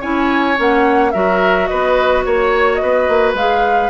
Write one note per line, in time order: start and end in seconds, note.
0.00 0.58 C#4
0.00 0.56 E4
0.00 1.11 C#5
0.00 0.57 G#5
0.56 1.14 A#3
0.56 1.11 C#4
0.56 1.11 F#5
1.11 1.69 F#3
1.11 3.36 F#4
1.11 1.69 A#4
1.11 1.66 E5
1.67 2.25 B3
1.67 2.25 B4
1.67 2.22 D#5
2.25 2.80 A#3
2.25 2.75 C#5
2.25 2.81 C#5
2.75 3.31 D#5
2.82 3.08 B3
2.82 3.90 B4
3.08 3.33 A#3
3.33 3.89 G#3
3.33 3.90 G#4
3.33 3.90 F5